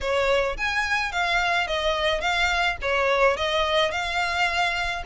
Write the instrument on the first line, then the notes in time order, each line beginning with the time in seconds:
violin
0.01 C#5
0.57 G#5
1.12 F5
1.67 D#5
2.20 F5
2.81 C#5
3.36 D#5
3.91 F5